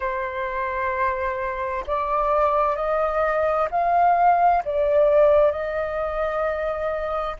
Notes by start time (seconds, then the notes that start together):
0.00 C5
1.87 D5
2.76 D#5
3.70 F5
4.64 D5
5.51 D#5